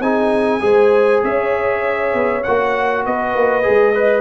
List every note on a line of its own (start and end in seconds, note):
0.00 0.61 C4
0.00 0.61 D#4
0.00 0.62 G#4
0.00 1.23 G#5
0.61 1.22 G#3
0.61 2.42 G#4
0.61 1.23 C5
1.23 2.14 C#4
1.23 3.05 C#5
1.23 2.43 E5
2.14 2.44 B3
2.43 3.06 A#3
2.43 3.63 F#4
2.43 3.04 F#5
3.06 3.35 B3
3.06 3.96 B4
3.06 4.21 D#5
3.35 3.66 A#3
3.63 4.21 G#3
3.63 3.93 G#4
3.95 4.21 B4
3.95 4.21 D#5